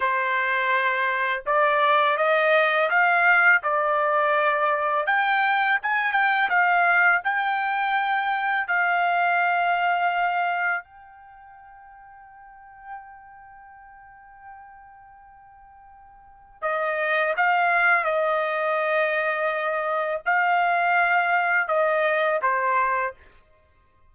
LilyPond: \new Staff \with { instrumentName = "trumpet" } { \time 4/4 \tempo 4 = 83 c''2 d''4 dis''4 | f''4 d''2 g''4 | gis''8 g''8 f''4 g''2 | f''2. g''4~ |
g''1~ | g''2. dis''4 | f''4 dis''2. | f''2 dis''4 c''4 | }